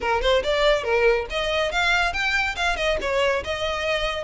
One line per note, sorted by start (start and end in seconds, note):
0.00 0.21 A#4
0.21 0.43 C5
0.43 0.83 D5
0.83 1.26 A#4
1.30 1.71 D#5
1.71 2.13 F5
2.13 2.55 G5
2.56 2.76 F5
2.76 2.97 D#5
3.01 3.43 C#5
3.44 4.23 D#5